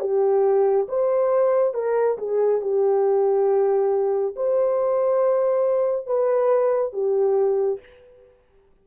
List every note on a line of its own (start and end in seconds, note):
0.00 0.87 G4
0.88 1.74 C5
1.74 2.17 A#4
2.18 2.61 G#4
2.61 4.35 G4
4.36 6.07 C5
6.07 6.92 B4
6.92 7.79 G4